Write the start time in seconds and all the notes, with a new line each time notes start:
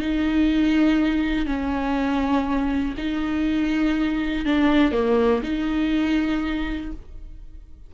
0.00 D#4
1.46 C#4
2.98 D#4
4.46 D4
4.92 A#3
5.43 D#4